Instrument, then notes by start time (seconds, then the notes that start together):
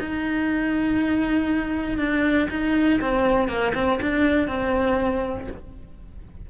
cello
0.00 D#4
1.98 D4
2.50 D#4
3.01 C4
3.49 A#3
3.75 C4
4.02 D4
4.48 C4